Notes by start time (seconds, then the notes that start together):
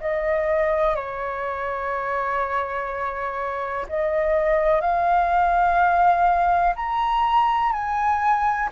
0.00 D#5
0.95 C#5
3.88 D#5
4.81 F5
6.75 A#5
7.72 G#5